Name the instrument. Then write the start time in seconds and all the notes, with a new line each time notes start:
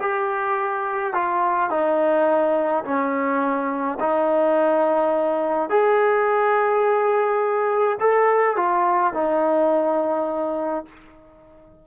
trombone
0.00 G4
1.13 F4
1.70 D#4
2.84 C#4
4.00 D#4
5.69 G#4
8.00 A4
8.56 F4
9.14 D#4